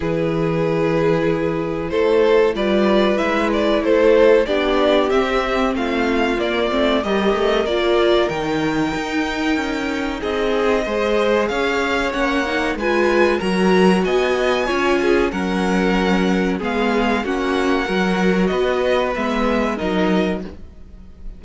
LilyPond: <<
  \new Staff \with { instrumentName = "violin" } { \time 4/4 \tempo 4 = 94 b'2. c''4 | d''4 e''8 d''8 c''4 d''4 | e''4 f''4 d''4 dis''4 | d''4 g''2. |
dis''2 f''4 fis''4 | gis''4 ais''4 gis''2 | fis''2 f''4 fis''4~ | fis''4 dis''4 e''4 dis''4 | }
  \new Staff \with { instrumentName = "violin" } { \time 4/4 gis'2. a'4 | b'2 a'4 g'4~ | g'4 f'2 ais'4~ | ais'1 |
gis'4 c''4 cis''2 | b'4 ais'4 dis''4 cis''8 gis'8 | ais'2 gis'4 fis'4 | ais'4 b'2 ais'4 | }
  \new Staff \with { instrumentName = "viola" } { \time 4/4 e'1 | f'4 e'2 d'4 | c'2 ais8 c'8 g'4 | f'4 dis'2.~ |
dis'4 gis'2 cis'8 dis'8 | f'4 fis'2 f'4 | cis'2 b4 cis'4 | fis'2 b4 dis'4 | }
  \new Staff \with { instrumentName = "cello" } { \time 4/4 e2. a4 | g4 gis4 a4 b4 | c'4 a4 ais8 a8 g8 a8 | ais4 dis4 dis'4 cis'4 |
c'4 gis4 cis'4 ais4 | gis4 fis4 b4 cis'4 | fis2 gis4 ais4 | fis4 b4 gis4 fis4 | }
>>